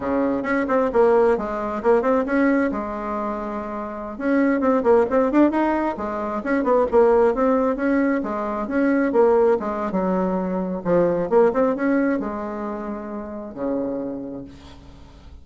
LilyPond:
\new Staff \with { instrumentName = "bassoon" } { \time 4/4 \tempo 4 = 133 cis4 cis'8 c'8 ais4 gis4 | ais8 c'8 cis'4 gis2~ | gis4~ gis16 cis'4 c'8 ais8 c'8 d'16~ | d'16 dis'4 gis4 cis'8 b8 ais8.~ |
ais16 c'4 cis'4 gis4 cis'8.~ | cis'16 ais4 gis8. fis2 | f4 ais8 c'8 cis'4 gis4~ | gis2 cis2 | }